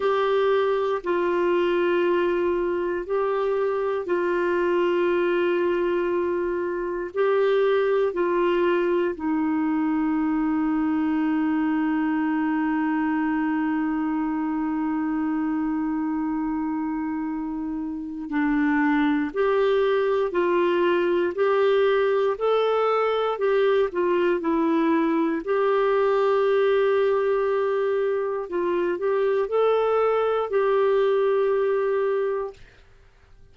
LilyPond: \new Staff \with { instrumentName = "clarinet" } { \time 4/4 \tempo 4 = 59 g'4 f'2 g'4 | f'2. g'4 | f'4 dis'2.~ | dis'1~ |
dis'2 d'4 g'4 | f'4 g'4 a'4 g'8 f'8 | e'4 g'2. | f'8 g'8 a'4 g'2 | }